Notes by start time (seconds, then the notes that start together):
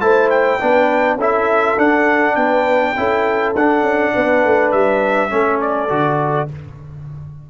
0.00 A3 E4 C5 A5
0.30 G5
0.60 B3 D4 B4
1.16 C#4 E4 A4 E5
1.77 D4 F#5
2.35 B3 B4 G5
2.96 C#4 E4 A4
3.55 D4 F#5
3.82 C#4
4.14 B3 B4
4.44 A3
4.71 G3 E5
5.29 A3 C#4 A4
5.60 D5
5.89 D3 F#4